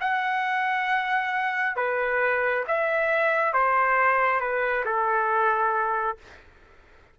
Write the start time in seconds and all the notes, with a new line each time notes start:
0.00 F#5
1.76 B4
2.68 E5
3.53 C5
4.40 B4
4.85 A4